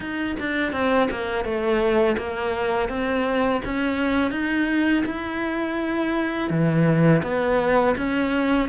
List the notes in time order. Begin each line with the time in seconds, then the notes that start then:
0.00 D#4
0.39 D4
0.72 C4
1.10 A#3
1.44 A3
2.17 A#3
2.88 C4
3.64 C#4
4.31 D#4
5.05 E4
6.50 E3
7.23 B3
7.97 C#4